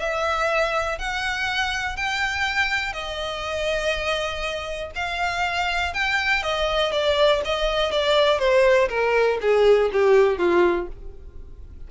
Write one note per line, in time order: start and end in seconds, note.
0.00 0.99 E5
0.99 1.97 F#5
1.97 2.93 G5
2.93 4.91 D#5
4.96 5.94 F5
5.94 6.43 G5
6.43 6.92 D#5
6.92 7.42 D5
7.45 7.92 D#5
7.92 8.39 D5
8.39 8.89 C5
8.89 9.39 A#4
9.41 9.91 G#4
9.93 10.38 G4
10.38 10.88 F4